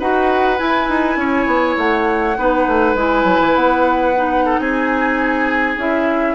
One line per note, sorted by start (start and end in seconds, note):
0.00 0.60 D#4
0.00 0.58 F#4
0.00 1.19 B4
0.00 0.59 F#5
0.58 2.36 E4
0.58 0.89 E4
0.58 1.78 G#5
0.89 1.17 D#4
1.17 1.47 C#4
1.17 2.39 C#5
1.47 1.76 B3
1.78 2.37 A3
1.78 2.97 F#5
2.38 2.68 B3
2.38 2.97 D#4
2.38 4.46 B4
2.68 2.95 A3
2.95 3.25 G#3
2.95 4.16 E4
2.95 3.56 G#5
3.25 3.39 F#3
3.41 3.56 E3
3.56 4.59 B3
3.56 4.60 F#5
4.16 5.79 D#4
4.46 4.61 A4
4.59 5.77 C4
4.59 6.35 G#4
4.59 5.78 G#5
5.77 6.35 C#4
5.77 6.35 E4
5.77 6.35 E5